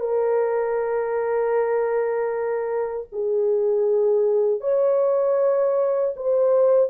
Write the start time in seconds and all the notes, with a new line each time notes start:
0.00 A#4
3.13 G#4
4.61 C#5
6.17 C5